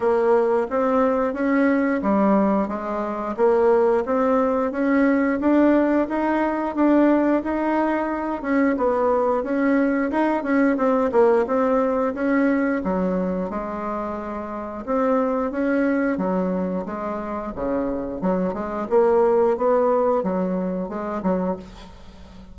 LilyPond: \new Staff \with { instrumentName = "bassoon" } { \time 4/4 \tempo 4 = 89 ais4 c'4 cis'4 g4 | gis4 ais4 c'4 cis'4 | d'4 dis'4 d'4 dis'4~ | dis'8 cis'8 b4 cis'4 dis'8 cis'8 |
c'8 ais8 c'4 cis'4 fis4 | gis2 c'4 cis'4 | fis4 gis4 cis4 fis8 gis8 | ais4 b4 fis4 gis8 fis8 | }